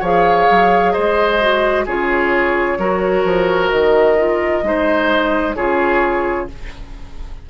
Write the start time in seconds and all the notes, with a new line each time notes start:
0.00 F3 G#4 C#5 F5
0.50 F#3
0.92 G#3 C5 D#5
1.41 F#4
1.86 C#3 F4 G#4 C#5
2.78 F#3 F#4 A#4
3.24 F3
3.70 D#3 D#5
4.17 F4
4.63 G#3 D#4 C5
5.55 C#3 F4 G#4 C#5